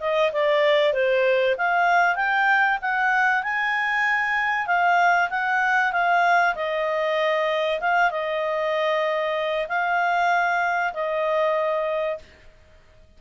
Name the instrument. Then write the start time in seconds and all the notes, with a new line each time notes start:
clarinet
0.00 D#5
0.32 D5
0.93 C5
1.57 F5
2.16 G5
2.81 F#5
3.43 G#5
4.66 F5
5.30 F#5
5.92 F5
6.55 D#5
7.80 F5
8.11 D#5
9.68 F5
10.93 D#5